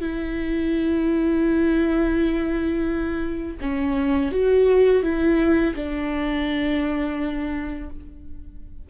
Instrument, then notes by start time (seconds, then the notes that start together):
viola
0.00 E4
3.61 C#4
4.32 F#4
5.03 E4
5.76 D4